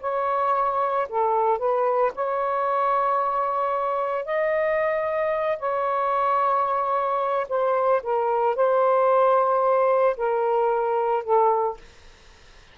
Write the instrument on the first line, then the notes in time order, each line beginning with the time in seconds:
saxophone
0.00 C#5
1.08 A4
1.58 B4
2.15 C#5
4.25 D#5
5.59 C#5
7.48 C5
8.03 A#4
8.55 C5
10.16 A#4
11.23 A4